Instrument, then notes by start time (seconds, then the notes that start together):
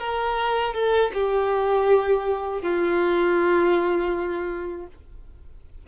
violin
0.00 A#4
0.74 A4
1.14 G4
2.62 F4